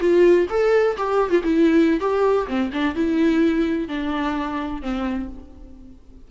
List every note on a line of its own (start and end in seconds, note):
0.00 0.47 F4
0.50 0.97 A4
0.97 1.30 G4
1.30 1.42 F4
1.43 2.00 E4
2.00 2.47 G4
2.47 2.71 C4
2.72 2.95 D4
2.95 3.88 E4
3.88 4.82 D4
4.82 5.28 C4